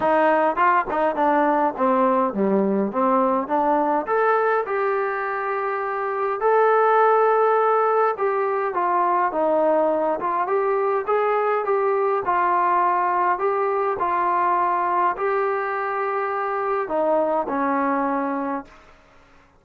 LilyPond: \new Staff \with { instrumentName = "trombone" } { \time 4/4 \tempo 4 = 103 dis'4 f'8 dis'8 d'4 c'4 | g4 c'4 d'4 a'4 | g'2. a'4~ | a'2 g'4 f'4 |
dis'4. f'8 g'4 gis'4 | g'4 f'2 g'4 | f'2 g'2~ | g'4 dis'4 cis'2 | }